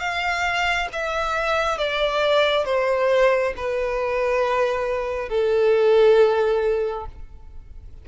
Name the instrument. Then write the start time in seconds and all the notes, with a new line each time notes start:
violin
0.00 F5
0.93 E5
1.78 D5
2.66 C5
3.57 B4
5.29 A4